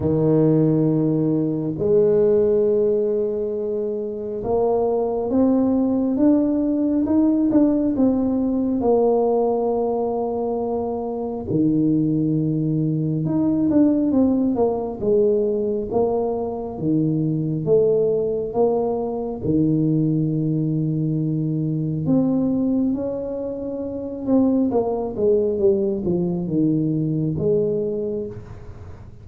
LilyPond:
\new Staff \with { instrumentName = "tuba" } { \time 4/4 \tempo 4 = 68 dis2 gis2~ | gis4 ais4 c'4 d'4 | dis'8 d'8 c'4 ais2~ | ais4 dis2 dis'8 d'8 |
c'8 ais8 gis4 ais4 dis4 | a4 ais4 dis2~ | dis4 c'4 cis'4. c'8 | ais8 gis8 g8 f8 dis4 gis4 | }